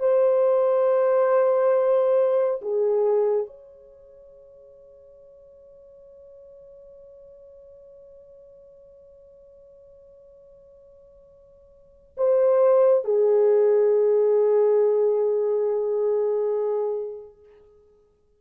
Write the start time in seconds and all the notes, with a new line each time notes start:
0.00 C5
2.62 G#4
3.47 C#5
12.18 C5
13.05 G#4